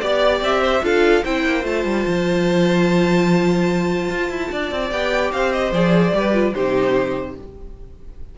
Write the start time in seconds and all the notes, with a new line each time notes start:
0.00 B3 G4 D5
0.41 C4 E5
0.61 C5
0.82 D4 F4 A4 F5
1.24 C4 E4 C5 G5
1.45 A#3
1.62 A3 F4 A5
1.84 G3
2.07 F3
4.10 F4
4.29 E4
4.52 D4 D5
4.71 C4
4.91 B3 G4 G5
5.32 C4 C5 F5
5.53 D#5
5.72 F3 G#4 D5
6.13 G3 G4 B4
6.33 F4
6.54 C3 D#4 G4 C5